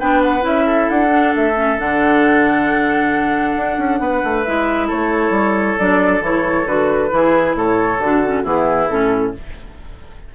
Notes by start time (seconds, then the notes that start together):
0.00 B3 D4 B4 G5
0.23 F#5
0.41 C#4 E4 E5
0.66 A4
0.90 D4 F#5
1.09 D4
1.36 A3 E5
1.56 C#4
1.78 D3 D4 F#5
3.56 D4
3.78 C#4
4.00 B3 B4
4.24 A3
4.43 G#3 E4 E5
4.87 A3 A4 C#5
5.31 G3
5.79 F#3 D4 D5
6.21 E3 E4 C#5
6.66 D3 F#4 B4
7.10 E3 E4 G#4
7.55 A2 A4 C#5
7.99 D3 D4 F#4
8.26 C#4
8.44 E3 B3 E4 G#4
8.90 A2 C#4 A4